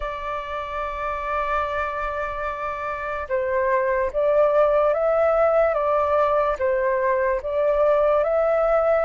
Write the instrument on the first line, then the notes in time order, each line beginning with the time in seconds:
flute
0.00 D5
3.28 C5
4.12 D5
4.93 E5
5.73 D5
6.59 C5
7.42 D5
8.23 E5